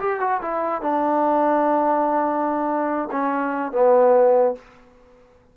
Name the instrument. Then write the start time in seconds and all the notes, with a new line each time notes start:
trombone
0.00 G4
0.20 F#4
0.42 E4
0.82 D4
3.12 C#4
3.72 B3